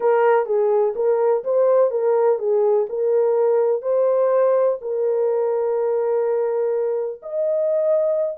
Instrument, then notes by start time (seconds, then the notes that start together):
horn
0.00 A#4
0.46 G#4
0.95 A#4
1.44 C5
1.90 A#4
2.38 G#4
2.89 A#4
3.82 C5
4.81 A#4
7.22 D#5